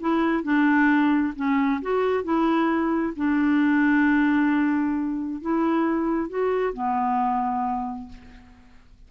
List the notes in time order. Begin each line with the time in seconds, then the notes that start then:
0.00 E4
0.43 D4
1.36 C#4
1.82 F#4
2.24 E4
3.16 D4
5.41 E4
6.29 F#4
6.73 B3